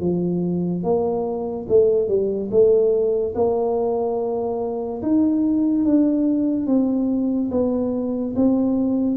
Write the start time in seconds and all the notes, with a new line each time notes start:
0.00 F3
0.83 A#3
1.69 A3
2.08 G3
2.50 A3
3.34 A#3
5.02 D#4
5.84 D4
6.66 C4
7.51 B3
8.36 C4